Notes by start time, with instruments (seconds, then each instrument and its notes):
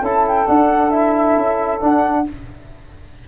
0.00 tuba C#4, trombone E4, saxophone A4, flute A5
0.28 flute G5
0.47 trombone D4, tuba D4, flute F#5
0.91 trombone E4, flute E5
1.37 tuba C#4
1.81 trombone D4, tuba D4, flute F#5